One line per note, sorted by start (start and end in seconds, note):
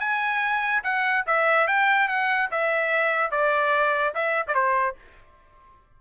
0.00 0.83 G#5
0.84 1.25 F#5
1.27 1.68 E5
1.68 2.08 G5
2.08 2.50 F#5
2.51 3.31 E5
3.31 4.14 D5
4.15 4.46 E5
4.48 4.55 D5
4.55 4.96 C5